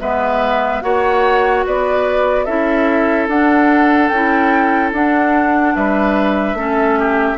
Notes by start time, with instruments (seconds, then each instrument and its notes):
0.00 bassoon G#3, clarinet B3, oboe B4, flute E5
0.82 bassoon A#3, clarinet F#4, oboe C#5, flute F#5
1.66 bassoon B3, oboe B4, flute D5
2.44 bassoon C#4, clarinet E4, oboe A4, flute E5
3.28 bassoon D4, clarinet D4, flute F#5
4.08 bassoon C#4, clarinet E4, flute G5
4.92 bassoon D4, clarinet D4, flute F#5
5.76 bassoon G3, oboe B4, flute E5
6.54 bassoon A3, clarinet C#4, oboe A4
6.99 oboe G4